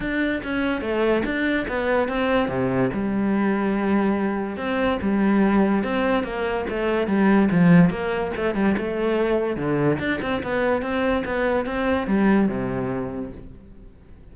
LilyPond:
\new Staff \with { instrumentName = "cello" } { \time 4/4 \tempo 4 = 144 d'4 cis'4 a4 d'4 | b4 c'4 c4 g4~ | g2. c'4 | g2 c'4 ais4 |
a4 g4 f4 ais4 | a8 g8 a2 d4 | d'8 c'8 b4 c'4 b4 | c'4 g4 c2 | }